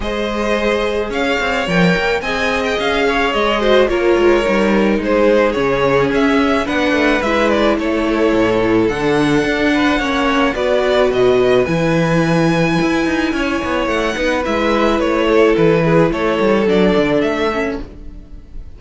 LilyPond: <<
  \new Staff \with { instrumentName = "violin" } { \time 4/4 \tempo 4 = 108 dis''2 f''4 g''4 | gis''8. g''16 f''4 dis''4 cis''4~ | cis''4 c''4 cis''4 e''4 | fis''4 e''8 d''8 cis''2 |
fis''2. d''4 | dis''4 gis''2.~ | gis''4 fis''4 e''4 cis''4 | b'4 cis''4 d''4 e''4 | }
  \new Staff \with { instrumentName = "violin" } { \time 4/4 c''2 cis''2 | dis''4. cis''4 c''8 ais'4~ | ais'4 gis'2. | b'2 a'2~ |
a'4. b'8 cis''4 b'4~ | b'1 | cis''4. b'2 a'8~ | a'8 gis'8 a'2. | }
  \new Staff \with { instrumentName = "viola" } { \time 4/4 gis'2. ais'4 | gis'2~ gis'8 fis'8 f'4 | dis'2 cis'2 | d'4 e'2. |
d'2 cis'4 fis'4~ | fis'4 e'2.~ | e'4. dis'8 e'2~ | e'2 d'4. cis'8 | }
  \new Staff \with { instrumentName = "cello" } { \time 4/4 gis2 cis'8 c'8 f8 ais8 | c'4 cis'4 gis4 ais8 gis8 | g4 gis4 cis4 cis'4 | b8 a8 gis4 a4 a,4 |
d4 d'4 ais4 b4 | b,4 e2 e'8 dis'8 | cis'8 b8 a8 b8 gis4 a4 | e4 a8 g8 fis8 d8 a4 | }
>>